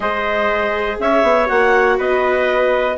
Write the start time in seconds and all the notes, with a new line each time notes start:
0.00 G#3 G#4 C5 D#5
0.99 C#4 C#5 E5
1.22 B3
1.45 A#3 F#4 F#5
1.98 B3 B4 D#5